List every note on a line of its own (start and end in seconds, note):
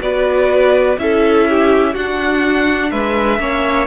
0.00 0.97 B3
0.00 0.97 F#4
0.00 0.99 B4
0.00 0.99 D5
0.98 1.95 C#4
0.98 1.95 E4
0.98 1.50 A4
0.98 1.95 E5
1.50 1.93 G4
1.93 2.92 D4
1.93 3.40 D4
1.93 2.90 F#4
1.93 2.91 F#5
2.91 3.39 G#3
2.91 3.39 B4
2.91 3.87 E5
3.39 3.87 A#3
3.39 3.87 C#4
3.39 3.87 C#5